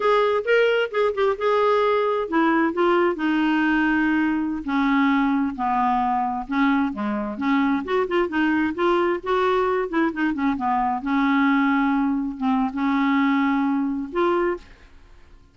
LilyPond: \new Staff \with { instrumentName = "clarinet" } { \time 4/4 \tempo 4 = 132 gis'4 ais'4 gis'8 g'8 gis'4~ | gis'4 e'4 f'4 dis'4~ | dis'2~ dis'16 cis'4.~ cis'16~ | cis'16 b2 cis'4 gis8.~ |
gis16 cis'4 fis'8 f'8 dis'4 f'8.~ | f'16 fis'4. e'8 dis'8 cis'8 b8.~ | b16 cis'2. c'8. | cis'2. f'4 | }